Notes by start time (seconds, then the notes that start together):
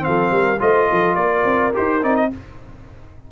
0.00 C4 F5
0.07 F3 A4
0.31 G3 A#4
0.59 A3 F4 C5 D#5
0.91 F3 A4
1.15 A#3 A#4 D5
1.44 C4
1.73 D#4 G4 C5
2.02 C4 D#4 D5
2.16 D#5